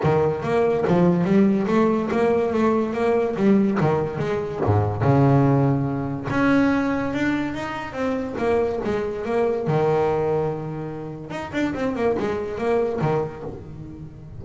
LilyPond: \new Staff \with { instrumentName = "double bass" } { \time 4/4 \tempo 4 = 143 dis4 ais4 f4 g4 | a4 ais4 a4 ais4 | g4 dis4 gis4 gis,4 | cis2. cis'4~ |
cis'4 d'4 dis'4 c'4 | ais4 gis4 ais4 dis4~ | dis2. dis'8 d'8 | c'8 ais8 gis4 ais4 dis4 | }